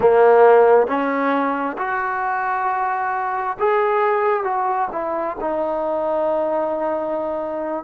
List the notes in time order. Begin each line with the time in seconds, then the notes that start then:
0.00 A#3
0.87 C#4
1.78 F#4
3.59 G#4
4.43 F#4
4.92 E4
5.40 D#4